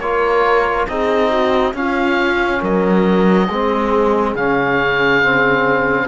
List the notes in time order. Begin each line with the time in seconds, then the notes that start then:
0.00 A#3 F4 A#4 C#5
0.87 C4 D#4 G#4 D#5
1.30 F#4
1.74 C#4 F4 F5
2.61 F#3 A#4 D#5
3.49 G#3 C4 G#4
4.35 C#3 C#4 F5
5.23 C4